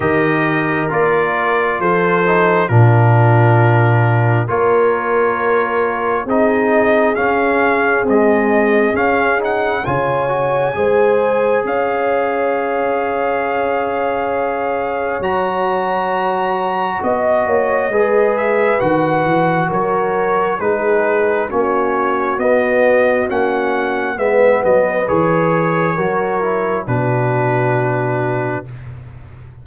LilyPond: <<
  \new Staff \with { instrumentName = "trumpet" } { \time 4/4 \tempo 4 = 67 dis''4 d''4 c''4 ais'4~ | ais'4 cis''2 dis''4 | f''4 dis''4 f''8 fis''8 gis''4~ | gis''4 f''2.~ |
f''4 ais''2 dis''4~ | dis''8 e''8 fis''4 cis''4 b'4 | cis''4 dis''4 fis''4 e''8 dis''8 | cis''2 b'2 | }
  \new Staff \with { instrumentName = "horn" } { \time 4/4 ais'2 a'4 f'4~ | f'4 ais'2 gis'4~ | gis'2. cis''4 | c''4 cis''2.~ |
cis''2. dis''8 cis''8 | b'2 ais'4 gis'4 | fis'2. b'4~ | b'4 ais'4 fis'2 | }
  \new Staff \with { instrumentName = "trombone" } { \time 4/4 g'4 f'4. dis'8 d'4~ | d'4 f'2 dis'4 | cis'4 gis4 cis'8 dis'8 f'8 fis'8 | gis'1~ |
gis'4 fis'2. | gis'4 fis'2 dis'4 | cis'4 b4 cis'4 b4 | gis'4 fis'8 e'8 d'2 | }
  \new Staff \with { instrumentName = "tuba" } { \time 4/4 dis4 ais4 f4 ais,4~ | ais,4 ais2 c'4 | cis'4 c'4 cis'4 cis4 | gis4 cis'2.~ |
cis'4 fis2 b8 ais8 | gis4 dis8 e8 fis4 gis4 | ais4 b4 ais4 gis8 fis8 | e4 fis4 b,2 | }
>>